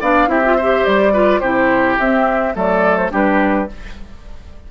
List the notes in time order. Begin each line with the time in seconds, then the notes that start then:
0.00 B3 D4 D5 F5
0.27 C4 E4 G4 E5
0.44 F4
0.56 G4 C5
0.85 G3 D5
1.13 F4 B4
1.40 C3 E4 G4 C5
1.99 C4 E5
2.54 F#3 A3 A4 D5
2.97 C5
3.10 G3 D4 G4 B4